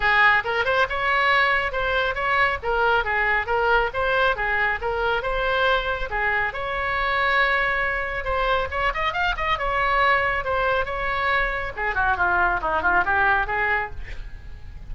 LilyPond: \new Staff \with { instrumentName = "oboe" } { \time 4/4 \tempo 4 = 138 gis'4 ais'8 c''8 cis''2 | c''4 cis''4 ais'4 gis'4 | ais'4 c''4 gis'4 ais'4 | c''2 gis'4 cis''4~ |
cis''2. c''4 | cis''8 dis''8 f''8 dis''8 cis''2 | c''4 cis''2 gis'8 fis'8 | f'4 dis'8 f'8 g'4 gis'4 | }